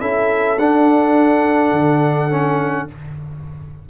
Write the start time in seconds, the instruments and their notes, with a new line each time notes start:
0.00 tuba C#4, trombone E4, horn A4, trumpet E5
0.58 tuba D4, trombone D4, trumpet F#5
1.72 tuba D3
2.30 trombone C#4